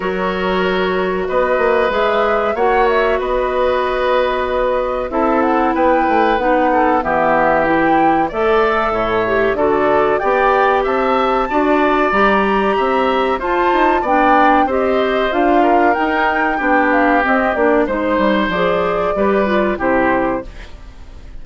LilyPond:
<<
  \new Staff \with { instrumentName = "flute" } { \time 4/4 \tempo 4 = 94 cis''2 dis''4 e''4 | fis''8 e''8 dis''2. | e''8 fis''8 g''4 fis''4 e''4 | g''4 e''2 d''4 |
g''4 a''2 ais''4~ | ais''4 a''4 g''4 dis''4 | f''4 g''4. f''8 dis''8 d''8 | c''4 d''2 c''4 | }
  \new Staff \with { instrumentName = "oboe" } { \time 4/4 ais'2 b'2 | cis''4 b'2. | a'4 b'4. a'8 g'4~ | g'4 d''4 cis''4 a'4 |
d''4 e''4 d''2 | e''4 c''4 d''4 c''4~ | c''8 ais'4. g'2 | c''2 b'4 g'4 | }
  \new Staff \with { instrumentName = "clarinet" } { \time 4/4 fis'2. gis'4 | fis'1 | e'2 dis'4 b4 | e'4 a'4. g'8 fis'4 |
g'2 fis'4 g'4~ | g'4 f'4 d'4 g'4 | f'4 dis'4 d'4 c'8 d'8 | dis'4 gis'4 g'8 f'8 e'4 | }
  \new Staff \with { instrumentName = "bassoon" } { \time 4/4 fis2 b8 ais8 gis4 | ais4 b2. | c'4 b8 a8 b4 e4~ | e4 a4 a,4 d4 |
b4 c'4 d'4 g4 | c'4 f'8 dis'8 b4 c'4 | d'4 dis'4 b4 c'8 ais8 | gis8 g8 f4 g4 c4 | }
>>